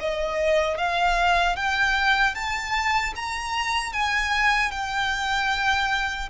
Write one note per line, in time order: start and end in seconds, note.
0.00 0.78 D#5
0.78 1.56 F5
1.56 2.35 G5
2.35 3.14 A5
3.15 3.93 A#5
3.93 4.71 G#5
4.71 6.29 G5